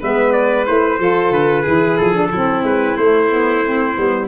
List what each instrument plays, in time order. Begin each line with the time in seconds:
0.00 tuba G#3, saxophone B3, violin B4, trumpet E5
0.32 trumpet D5
0.65 tuba A3, saxophone E4, trumpet C5
0.98 tuba F3, saxophone F4, violin A4
1.30 tuba D3, trumpet B4
1.62 tuba E3, saxophone E4, violin G#4
1.97 tuba F3, trumpet A4
2.13 saxophone D4
2.31 tuba F#3, saxophone C4, violin E4
2.62 tuba G#3, trumpet B4
2.96 tuba A3, saxophone A3, trumpet C5
3.30 saxophone B3
3.64 saxophone C4
3.95 tuba G3, saxophone B3